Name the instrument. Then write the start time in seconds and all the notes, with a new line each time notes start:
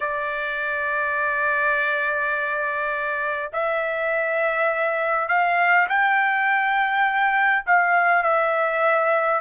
trumpet
0.00 D5
3.52 E5
5.28 F5
5.88 G5
7.66 F5
8.23 E5